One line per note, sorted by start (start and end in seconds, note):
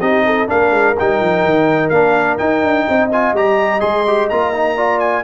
0.00 0.48 C4
0.00 0.47 D#4
0.00 0.24 G4
0.00 0.48 D#5
0.26 0.49 A4
0.47 0.71 A#3
0.47 0.95 D4
0.47 2.87 A#4
0.47 0.97 F5
0.71 0.95 G#3
0.99 1.21 G3
0.99 1.93 D#4
0.99 1.89 G5
1.21 1.45 F3
1.45 1.90 D#3
1.89 2.37 A#3
1.89 2.39 D4
1.89 2.37 F5
2.38 3.10 D#4
2.38 2.63 D#4
2.38 3.09 G5
2.63 2.87 D4
2.88 3.33 C4
2.88 4.77 D#5
3.12 3.36 F4
3.12 3.36 G#5
3.33 3.81 G3
3.33 3.80 G4
3.33 3.81 A#5
3.80 4.30 G#3
3.80 4.04 G#4
3.80 4.29 C6
4.07 4.31 G4
4.30 5.24 A#3
4.30 4.54 F4
4.30 5.00 A#5
4.54 4.77 D#4
4.77 5.24 F4
4.77 5.24 D5
5.00 5.24 G#5